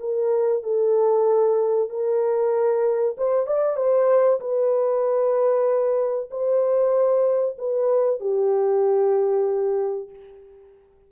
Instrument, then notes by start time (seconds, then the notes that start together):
horn
0.00 A#4
0.63 A4
1.89 A#4
3.18 C5
3.47 D5
3.77 C5
4.40 B4
6.30 C5
7.58 B4
8.20 G4